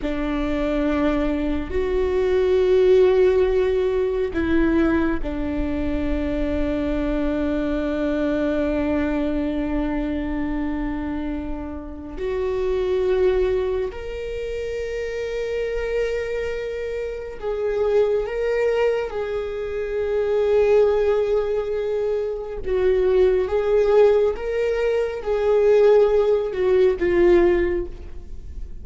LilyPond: \new Staff \with { instrumentName = "viola" } { \time 4/4 \tempo 4 = 69 d'2 fis'2~ | fis'4 e'4 d'2~ | d'1~ | d'2 fis'2 |
ais'1 | gis'4 ais'4 gis'2~ | gis'2 fis'4 gis'4 | ais'4 gis'4. fis'8 f'4 | }